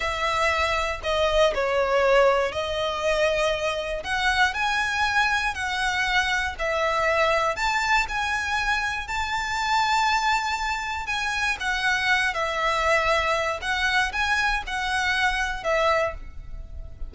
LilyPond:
\new Staff \with { instrumentName = "violin" } { \time 4/4 \tempo 4 = 119 e''2 dis''4 cis''4~ | cis''4 dis''2. | fis''4 gis''2 fis''4~ | fis''4 e''2 a''4 |
gis''2 a''2~ | a''2 gis''4 fis''4~ | fis''8 e''2~ e''8 fis''4 | gis''4 fis''2 e''4 | }